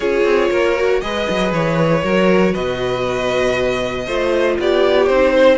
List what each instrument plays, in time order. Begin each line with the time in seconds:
0.00 cello C#4, viola F4, violin G#4 C#5
0.24 cello C4
0.50 cello A#3, violin A#4
0.75 viola F#4
1.00 cello G#3, viola G#4, violin B4 D#5
1.29 cello F#3
1.52 cello E3, violin C#5
2.02 cello F#3, viola F#4, violin A#4
2.51 cello B2, violin B4 D#5
4.06 cello A3, viola F4, violin C5
4.59 cello B3, violin G4 D5
5.06 cello C4, viola D#4, violin C5
5.33 violin C5